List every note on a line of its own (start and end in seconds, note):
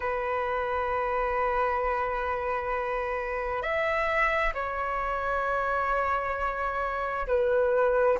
0.00 3.62 B4
3.62 4.53 E5
4.54 7.26 C#5
7.27 8.18 B4